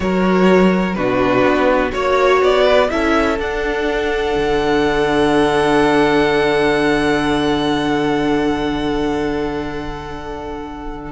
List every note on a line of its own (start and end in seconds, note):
0.00 0.96 F#3
0.00 0.95 F#4
0.00 0.96 A#4
0.00 0.94 C#5
0.94 1.44 B2
0.94 1.91 D4
0.94 1.92 F#4
0.94 1.91 B4
1.44 1.92 B3
1.91 2.41 A#3
1.91 2.88 F#4
1.91 2.63 C#5
1.91 2.42 C#5
2.41 2.90 B3
2.41 2.90 D5
2.63 2.87 B4
2.89 3.38 C#4
2.89 3.38 E4
2.89 11.11 A4
2.89 3.39 E5
3.38 4.35 D4
3.38 11.11 D4
3.38 11.11 F#5
4.36 11.11 D3